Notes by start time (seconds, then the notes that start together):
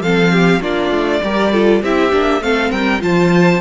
0.00 F3 C4 A4 F5
0.32 G4
0.60 A#3 D4 F4 D5
0.90 A3
1.23 G3 G4 A#4
1.52 F4 A4
1.82 C4 E4 G4 E5
2.11 A#3 D4
2.40 A3 C4 A4 F5
2.71 G3 A#4 G5
2.99 F3 F4 C5 A5